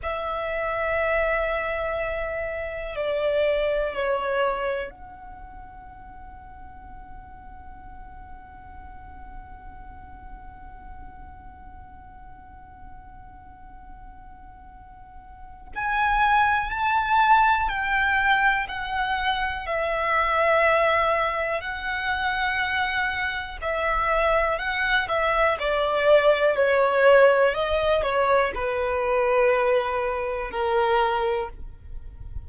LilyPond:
\new Staff \with { instrumentName = "violin" } { \time 4/4 \tempo 4 = 61 e''2. d''4 | cis''4 fis''2.~ | fis''1~ | fis''1 |
gis''4 a''4 g''4 fis''4 | e''2 fis''2 | e''4 fis''8 e''8 d''4 cis''4 | dis''8 cis''8 b'2 ais'4 | }